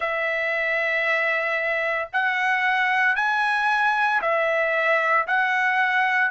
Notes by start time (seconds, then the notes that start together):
0.00 E5
2.12 F#5
3.15 G#5
4.21 E5
5.27 F#5